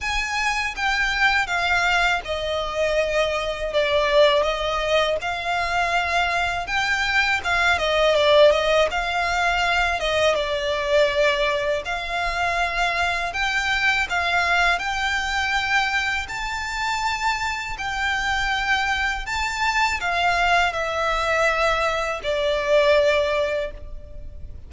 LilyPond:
\new Staff \with { instrumentName = "violin" } { \time 4/4 \tempo 4 = 81 gis''4 g''4 f''4 dis''4~ | dis''4 d''4 dis''4 f''4~ | f''4 g''4 f''8 dis''8 d''8 dis''8 | f''4. dis''8 d''2 |
f''2 g''4 f''4 | g''2 a''2 | g''2 a''4 f''4 | e''2 d''2 | }